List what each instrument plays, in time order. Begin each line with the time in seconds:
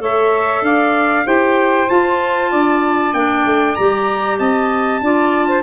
0.00 tuba A3, clarinet A4, saxophone C#5, trumpet E5
0.62 tuba D4, saxophone D5, trumpet F5
1.26 tuba E4, clarinet G4, saxophone C5, trumpet G5
1.88 clarinet F4, tuba F4, trumpet A5
2.51 tuba D4, saxophone D5
3.14 tuba A#3, clarinet D4, trumpet G5
3.46 tuba A3
3.76 tuba G3, clarinet G4, trumpet A#5
4.39 tuba C4, saxophone D#5, trumpet A5
5.02 tuba D4, clarinet F4, saxophone D5
5.48 saxophone C5